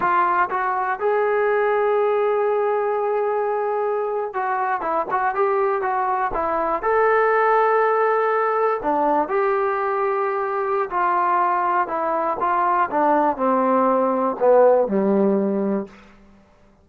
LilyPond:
\new Staff \with { instrumentName = "trombone" } { \time 4/4 \tempo 4 = 121 f'4 fis'4 gis'2~ | gis'1~ | gis'8. fis'4 e'8 fis'8 g'4 fis'16~ | fis'8. e'4 a'2~ a'16~ |
a'4.~ a'16 d'4 g'4~ g'16~ | g'2 f'2 | e'4 f'4 d'4 c'4~ | c'4 b4 g2 | }